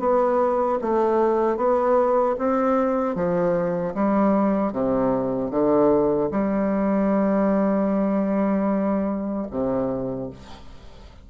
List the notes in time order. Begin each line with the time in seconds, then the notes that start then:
0.00 B3
0.82 A3
1.57 B3
2.39 C4
3.15 F3
3.95 G3
4.73 C3
5.51 D3
6.32 G3
9.51 C3